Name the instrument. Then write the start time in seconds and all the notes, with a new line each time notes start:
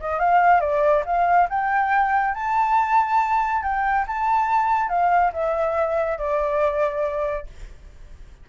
flute
0.00 D#5
0.19 F5
0.61 D5
1.06 F5
1.49 G5
2.34 A5
3.63 G5
4.07 A5
4.89 F5
5.33 E5
6.18 D5